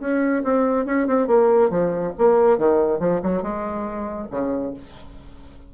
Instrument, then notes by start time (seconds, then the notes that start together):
bassoon
0.00 C#4
0.43 C4
0.86 C#4
1.07 C4
1.27 A#3
1.70 F3
2.18 A#3
2.58 D#3
2.99 F3
3.23 F#3
3.42 G#3
4.31 C#3